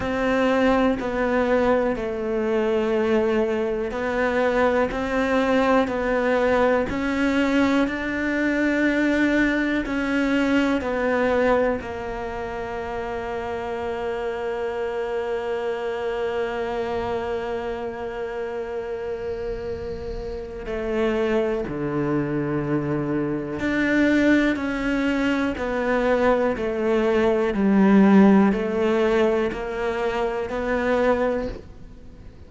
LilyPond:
\new Staff \with { instrumentName = "cello" } { \time 4/4 \tempo 4 = 61 c'4 b4 a2 | b4 c'4 b4 cis'4 | d'2 cis'4 b4 | ais1~ |
ais1~ | ais4 a4 d2 | d'4 cis'4 b4 a4 | g4 a4 ais4 b4 | }